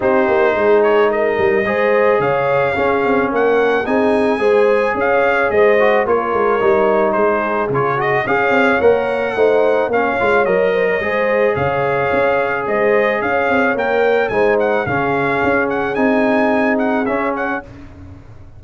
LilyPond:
<<
  \new Staff \with { instrumentName = "trumpet" } { \time 4/4 \tempo 4 = 109 c''4. cis''8 dis''2 | f''2 fis''4 gis''4~ | gis''4 f''4 dis''4 cis''4~ | cis''4 c''4 cis''8 dis''8 f''4 |
fis''2 f''4 dis''4~ | dis''4 f''2 dis''4 | f''4 g''4 gis''8 fis''8 f''4~ | f''8 fis''8 gis''4. fis''8 e''8 fis''8 | }
  \new Staff \with { instrumentName = "horn" } { \time 4/4 g'4 gis'4 ais'4 c''4 | cis''4 gis'4 ais'4 gis'4 | c''4 cis''4 c''4 ais'4~ | ais'4 gis'2 cis''4~ |
cis''4 c''4 cis''4. c''16 cis''16 | c''4 cis''2 c''4 | cis''2 c''4 gis'4~ | gis'1 | }
  \new Staff \with { instrumentName = "trombone" } { \time 4/4 dis'2. gis'4~ | gis'4 cis'2 dis'4 | gis'2~ gis'8 fis'8 f'4 | dis'2 f'8 fis'8 gis'4 |
ais'4 dis'4 cis'8 f'8 ais'4 | gis'1~ | gis'4 ais'4 dis'4 cis'4~ | cis'4 dis'2 cis'4 | }
  \new Staff \with { instrumentName = "tuba" } { \time 4/4 c'8 ais8 gis4. g8 gis4 | cis4 cis'8 c'8 ais4 c'4 | gis4 cis'4 gis4 ais8 gis8 | g4 gis4 cis4 cis'8 c'8 |
ais4 a4 ais8 gis8 fis4 | gis4 cis4 cis'4 gis4 | cis'8 c'8 ais4 gis4 cis4 | cis'4 c'2 cis'4 | }
>>